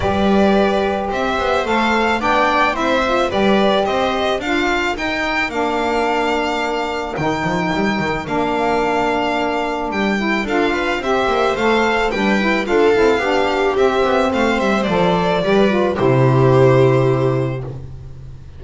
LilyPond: <<
  \new Staff \with { instrumentName = "violin" } { \time 4/4 \tempo 4 = 109 d''2 e''4 f''4 | g''4 e''4 d''4 dis''4 | f''4 g''4 f''2~ | f''4 g''2 f''4~ |
f''2 g''4 f''4 | e''4 f''4 g''4 f''4~ | f''4 e''4 f''8 e''8 d''4~ | d''4 c''2. | }
  \new Staff \with { instrumentName = "viola" } { \time 4/4 b'2 c''2 | d''4 c''4 b'4 c''4 | ais'1~ | ais'1~ |
ais'2. a'8 b'8 | c''2 b'4 a'4 | g'2 c''2 | b'4 g'2. | }
  \new Staff \with { instrumentName = "saxophone" } { \time 4/4 g'2. a'4 | d'4 e'8 f'8 g'2 | f'4 dis'4 d'2~ | d'4 dis'2 d'4~ |
d'2~ d'8 e'8 f'4 | g'4 a'4 d'8 e'8 f'8 e'8 | d'4 c'2 a'4 | g'8 f'8 e'2. | }
  \new Staff \with { instrumentName = "double bass" } { \time 4/4 g2 c'8 b8 a4 | b4 c'4 g4 c'4 | d'4 dis'4 ais2~ | ais4 dis8 f8 g8 dis8 ais4~ |
ais2 g4 d'4 | c'8 ais8 a4 g4 d'8 c'8 | b4 c'8 b8 a8 g8 f4 | g4 c2. | }
>>